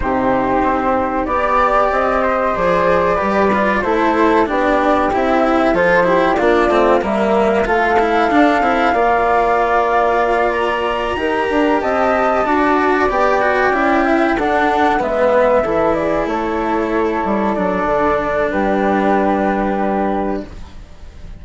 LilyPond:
<<
  \new Staff \with { instrumentName = "flute" } { \time 4/4 \tempo 4 = 94 c''2 d''4 dis''4 | d''2 c''4 d''4 | e''4 c''4 d''4 e''4 | f''1~ |
f''8 ais''2 a''4.~ | a''8 g''2 fis''4 e''8~ | e''4 d''8 cis''2 d''8~ | d''4 b'2. | }
  \new Staff \with { instrumentName = "flute" } { \time 4/4 g'2 d''4. c''8~ | c''4 b'4 a'4 g'4~ | g'4 a'8 g'8 f'4 ais'4 | a'2 d''2~ |
d''4. ais'4 dis''4 d''8~ | d''2 e''8 a'4 b'8~ | b'8 a'8 gis'8 a'2~ a'8~ | a'4 g'2. | }
  \new Staff \with { instrumentName = "cello" } { \time 4/4 dis'2 g'2 | gis'4 g'8 f'8 e'4 d'4 | e'4 f'8 e'8 d'8 c'8 ais4 | f'8 e'8 d'8 e'8 f'2~ |
f'4. g'2 fis'8~ | fis'8 g'8 fis'8 e'4 d'4 b8~ | b8 e'2. d'8~ | d'1 | }
  \new Staff \with { instrumentName = "bassoon" } { \time 4/4 c4 c'4 b4 c'4 | f4 g4 a4 b4 | c'4 f4 ais8 a8 g4 | a4 d'8 c'8 ais2~ |
ais4. dis'8 d'8 c'4 d'8~ | d'8 b4 cis'4 d'4 gis8~ | gis8 e4 a4. g8 fis8 | d4 g2. | }
>>